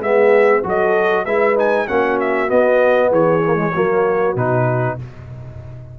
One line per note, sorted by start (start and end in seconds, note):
0.00 0.62 G#3
0.00 0.63 B3
0.00 0.65 G#4
0.00 0.64 E5
0.63 1.25 F#3
0.63 1.25 F#4
0.63 1.24 A4
0.63 1.25 D#5
1.24 1.87 G#3
1.24 1.56 E4
1.24 1.86 B4
1.24 1.56 E5
1.56 1.87 D#4
1.56 1.88 G#5
1.88 2.51 A#3
1.88 2.48 C#4
1.88 3.10 F#4
1.88 2.19 F#5
2.20 2.50 E5
2.48 3.40 B3
2.48 3.11 B3
2.48 3.12 D#5
3.10 3.73 E3
3.10 3.72 G#4
3.10 4.37 C#5
3.47 3.55 A#3
3.55 3.71 G#3
3.72 4.36 F#3
3.72 4.37 A#3
3.72 4.96 F#4
4.36 4.98 B2
4.36 4.99 D#4
4.36 4.99 B4